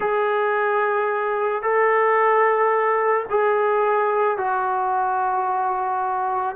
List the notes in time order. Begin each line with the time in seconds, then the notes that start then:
0.00 G#4
1.62 A4
3.30 G#4
4.37 F#4